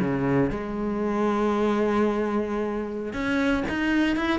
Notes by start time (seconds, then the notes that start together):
0.00 C#3
0.50 G#3
3.13 C#4
3.69 D#4
4.16 E4